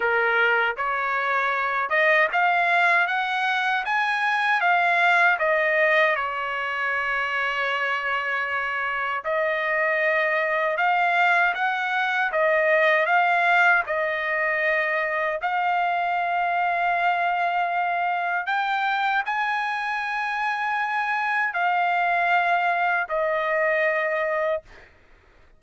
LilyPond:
\new Staff \with { instrumentName = "trumpet" } { \time 4/4 \tempo 4 = 78 ais'4 cis''4. dis''8 f''4 | fis''4 gis''4 f''4 dis''4 | cis''1 | dis''2 f''4 fis''4 |
dis''4 f''4 dis''2 | f''1 | g''4 gis''2. | f''2 dis''2 | }